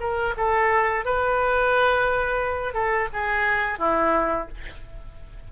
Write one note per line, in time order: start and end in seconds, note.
0.00 0.34 A#4
0.37 1.05 A4
1.05 2.74 B4
2.74 3.08 A4
3.13 3.79 G#4
3.79 4.48 E4